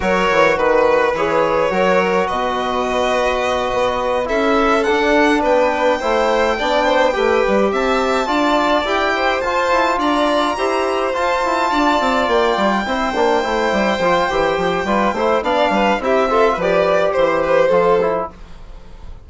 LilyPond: <<
  \new Staff \with { instrumentName = "violin" } { \time 4/4 \tempo 4 = 105 cis''4 b'4 cis''2 | dis''2.~ dis''8 e''8~ | e''8 fis''4 g''2~ g''8~ | g''4. a''2 g''8~ |
g''8 a''4 ais''2 a''8~ | a''4. g''2~ g''8~ | g''2. f''4 | e''4 d''4 c''2 | }
  \new Staff \with { instrumentName = "violin" } { \time 4/4 ais'4 b'2 ais'4 | b'2.~ b'8 a'8~ | a'4. b'4 c''4 d''8 | c''8 b'4 e''4 d''4. |
c''4. d''4 c''4.~ | c''8 d''2 c''4.~ | c''2 b'8 c''8 d''8 b'8 | g'8 a'8 b'4 c''8 b'8 a'4 | }
  \new Staff \with { instrumentName = "trombone" } { \time 4/4 fis'2 gis'4 fis'4~ | fis'2.~ fis'8 e'8~ | e'8 d'2 e'4 d'8~ | d'8 g'2 f'4 g'8~ |
g'8 f'2 g'4 f'8~ | f'2~ f'8 e'8 d'8 e'8~ | e'8 f'8 g'4 f'8 e'8 d'4 | e'8 f'8 g'2 f'8 e'8 | }
  \new Staff \with { instrumentName = "bassoon" } { \time 4/4 fis8 e8 dis4 e4 fis4 | b,2~ b,8 b4 cis'8~ | cis'8 d'4 b4 a4 b8~ | b8 a8 g8 c'4 d'4 e'8~ |
e'8 f'8 e'8 d'4 e'4 f'8 | e'8 d'8 c'8 ais8 g8 c'8 ais8 a8 | g8 f8 e8 f8 g8 a8 b8 g8 | c'4 f4 e4 f4 | }
>>